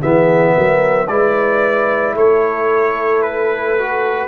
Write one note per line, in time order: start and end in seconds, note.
0.00 0.56 E3
0.00 1.07 B3
0.00 0.55 G#4
0.00 1.07 E5
0.56 1.08 F#3
0.56 1.09 A#4
1.07 2.14 G#3
1.07 3.77 E4
1.07 2.16 B4
1.07 2.14 D5
2.14 4.28 A3
2.14 4.28 A4
2.14 3.22 C#5
3.22 4.28 B4
3.78 4.28 F#4